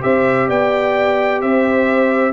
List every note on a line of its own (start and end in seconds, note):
0.00 0.49 C4
0.00 2.32 G4
0.00 0.48 C5
0.00 0.49 E5
0.48 1.42 B3
0.48 1.41 D5
0.48 1.41 G5
1.41 2.32 C4
1.41 2.32 C5
1.41 2.32 E5